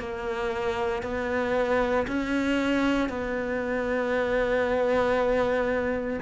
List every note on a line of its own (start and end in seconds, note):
0.00 1.03 A#3
1.03 2.06 B3
2.08 3.09 C#4
3.09 6.20 B3